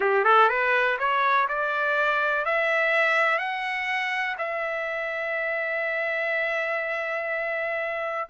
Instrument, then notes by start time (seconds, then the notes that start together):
trumpet
0.00 G4
0.24 A4
0.48 B4
0.98 C#5
1.48 D5
2.45 E5
3.38 F#5
4.38 E5